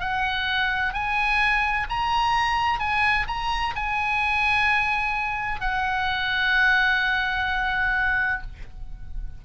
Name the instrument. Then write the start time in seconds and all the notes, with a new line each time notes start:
oboe
0.00 F#5
0.94 G#5
1.90 A#5
2.80 G#5
3.28 A#5
3.76 G#5
5.61 F#5